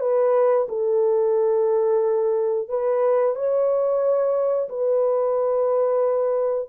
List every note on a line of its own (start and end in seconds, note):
0.00 0.67 B4
0.68 2.68 A4
2.68 3.35 B4
3.35 4.68 C#5
4.68 6.68 B4